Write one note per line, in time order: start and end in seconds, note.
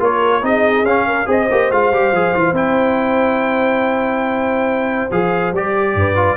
0.00 0.42 A#3
0.00 0.43 F4
0.00 0.43 A#4
0.00 0.45 C#5
0.42 0.83 C4
0.42 0.85 D#4
0.42 1.07 G#4
0.42 0.85 D#5
0.83 1.26 C#4
0.83 1.28 F5
1.07 1.27 A#4
1.26 1.49 C4
1.26 1.47 G#4
1.26 5.95 C5
1.26 1.72 D#5
1.51 1.71 A#3
1.51 1.71 G4
1.71 1.91 G#3
1.71 1.93 F4
1.71 2.56 F5
1.91 2.12 G3
1.91 2.15 G4
2.12 2.33 F3
2.12 2.35 G#4
2.34 2.52 E3
2.34 2.55 F4
2.52 5.08 C4
2.52 5.10 E4
2.52 5.11 G5
5.11 5.52 F3
5.11 5.54 G#4
5.11 5.54 F5
5.52 5.95 G3
5.52 6.15 G4
5.52 6.37 D5
5.95 6.37 G2
5.95 6.37 B4
6.15 6.37 F4